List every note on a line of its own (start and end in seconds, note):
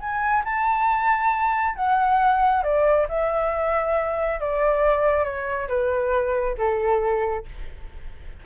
0.00 0.44 G#5
0.45 1.76 A5
1.76 2.63 F#5
2.63 3.07 D5
3.09 4.40 E5
4.40 5.24 D5
5.24 5.68 C#5
5.69 6.56 B4
6.58 7.46 A4